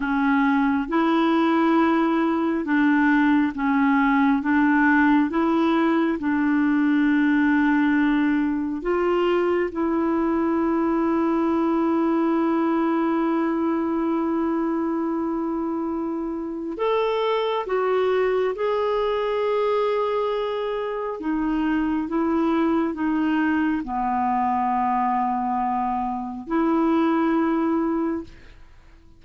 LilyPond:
\new Staff \with { instrumentName = "clarinet" } { \time 4/4 \tempo 4 = 68 cis'4 e'2 d'4 | cis'4 d'4 e'4 d'4~ | d'2 f'4 e'4~ | e'1~ |
e'2. a'4 | fis'4 gis'2. | dis'4 e'4 dis'4 b4~ | b2 e'2 | }